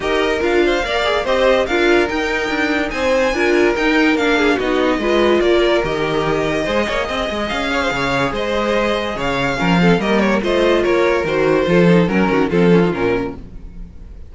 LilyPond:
<<
  \new Staff \with { instrumentName = "violin" } { \time 4/4 \tempo 4 = 144 dis''4 f''2 dis''4 | f''4 g''2 gis''4~ | gis''4 g''4 f''4 dis''4~ | dis''4 d''4 dis''2~ |
dis''2 f''2 | dis''2 f''2 | dis''8 cis''8 dis''4 cis''4 c''4~ | c''4 ais'4 a'4 ais'4 | }
  \new Staff \with { instrumentName = "violin" } { \time 4/4 ais'4. c''8 d''4 c''4 | ais'2. c''4 | ais'2~ ais'8 gis'8 fis'4 | b'4 ais'2. |
c''8 cis''8 dis''4. cis''16 c''16 cis''4 | c''2 cis''4 ais'8 a'8 | ais'4 c''4 ais'2 | a'4 ais'8 fis'8 f'2 | }
  \new Staff \with { instrumentName = "viola" } { \time 4/4 g'4 f'4 ais'8 gis'8 g'4 | f'4 dis'2. | f'4 dis'4 d'4 dis'4 | f'2 g'2 |
gis'1~ | gis'2. cis'8 c'8 | ais4 f'2 fis'4 | f'8 dis'8 cis'4 c'8 cis'16 dis'16 cis'4 | }
  \new Staff \with { instrumentName = "cello" } { \time 4/4 dis'4 d'4 ais4 c'4 | d'4 dis'4 d'4 c'4 | d'4 dis'4 ais4 b4 | gis4 ais4 dis2 |
gis8 ais8 c'8 gis8 cis'4 cis4 | gis2 cis4 f4 | g4 a4 ais4 dis4 | f4 fis8 dis8 f4 ais,4 | }
>>